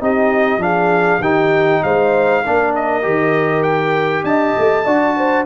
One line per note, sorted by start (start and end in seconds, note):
0.00 0.57 C4
0.00 0.60 D#4
0.00 0.62 G4
0.00 0.62 D#5
0.57 1.18 F3
0.57 1.20 D4
0.57 1.21 G#4
0.57 1.23 F5
1.20 1.80 D#3
1.20 2.45 D#4
1.20 1.82 G4
1.20 1.83 G5
1.83 2.45 G#3
1.83 2.44 C5
1.83 2.74 F5
2.45 3.05 A#3
2.45 3.02 D4
2.45 4.26 A#4
2.75 3.63 D#5
3.02 4.24 D#3
3.02 4.84 G4
3.63 4.24 G5
4.24 4.54 D4
4.24 4.85 D#5
4.24 5.46 A5
4.58 4.86 A3
4.85 5.46 D4
4.85 5.46 F#4
4.85 5.15 D5
5.17 5.46 C5